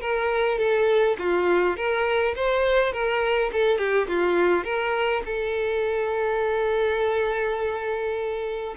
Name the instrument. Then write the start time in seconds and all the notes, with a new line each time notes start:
violin
0.00 A#4
0.58 A4
1.18 F4
1.76 A#4
2.35 C5
2.92 A#4
3.52 A4
3.78 G4
4.07 F4
4.64 A#4
5.25 A4